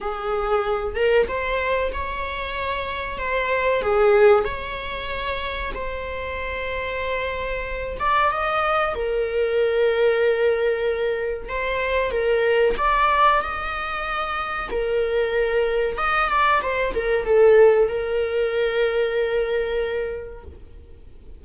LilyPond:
\new Staff \with { instrumentName = "viola" } { \time 4/4 \tempo 4 = 94 gis'4. ais'8 c''4 cis''4~ | cis''4 c''4 gis'4 cis''4~ | cis''4 c''2.~ | c''8 d''8 dis''4 ais'2~ |
ais'2 c''4 ais'4 | d''4 dis''2 ais'4~ | ais'4 dis''8 d''8 c''8 ais'8 a'4 | ais'1 | }